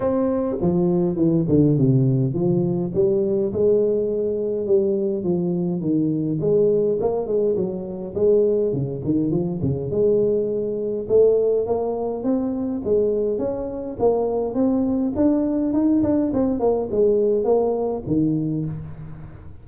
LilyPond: \new Staff \with { instrumentName = "tuba" } { \time 4/4 \tempo 4 = 103 c'4 f4 e8 d8 c4 | f4 g4 gis2 | g4 f4 dis4 gis4 | ais8 gis8 fis4 gis4 cis8 dis8 |
f8 cis8 gis2 a4 | ais4 c'4 gis4 cis'4 | ais4 c'4 d'4 dis'8 d'8 | c'8 ais8 gis4 ais4 dis4 | }